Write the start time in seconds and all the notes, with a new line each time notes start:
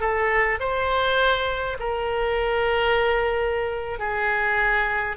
0.00 A4
0.60 C5
1.79 A#4
3.99 G#4